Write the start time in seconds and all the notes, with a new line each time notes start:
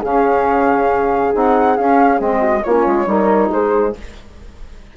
0.00 C#3 C#4 G#4 F5
1.33 C4 D#4 F#5
1.77 C#4 F5
2.18 G#3 C4 D#5
2.41 F#4
2.64 A#3 C#4 F4 C#5
2.87 G#3
3.06 G3 D#4 A#4
3.50 G#3 G#4 C5